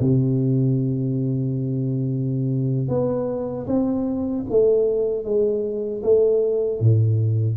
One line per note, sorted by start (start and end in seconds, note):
0.00 2.88 C3
2.88 3.66 B3
3.67 4.45 C4
4.49 5.24 A3
5.24 6.02 G#3
6.03 6.80 A3
6.80 7.57 A2